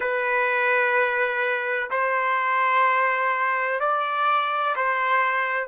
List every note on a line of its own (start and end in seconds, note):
0.00 1.90 B4
1.90 3.80 C5
3.80 4.75 D5
4.76 5.68 C5